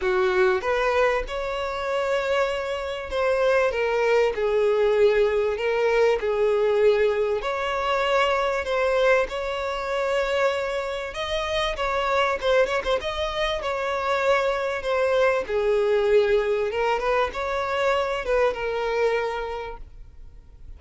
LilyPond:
\new Staff \with { instrumentName = "violin" } { \time 4/4 \tempo 4 = 97 fis'4 b'4 cis''2~ | cis''4 c''4 ais'4 gis'4~ | gis'4 ais'4 gis'2 | cis''2 c''4 cis''4~ |
cis''2 dis''4 cis''4 | c''8 cis''16 c''16 dis''4 cis''2 | c''4 gis'2 ais'8 b'8 | cis''4. b'8 ais'2 | }